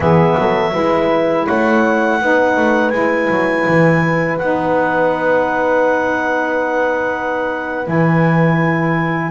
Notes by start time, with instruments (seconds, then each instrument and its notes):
0.00 double bass E3, saxophone B3, horn G#4, clarinet E5
0.37 double bass F#3, horn A4
0.72 double bass G#3, saxophone E4, horn B4
1.47 double bass A3, horn C#5, clarinet F#5
2.21 double bass B3, saxophone D#4, horn B4
2.57 double bass A3
2.90 double bass G#3, saxophone E4, clarinet G#5
3.30 double bass F#3
3.67 double bass E3
4.38 double bass B3, saxophone D#4, clarinet F#5
7.84 double bass E3, saxophone E4, clarinet G#5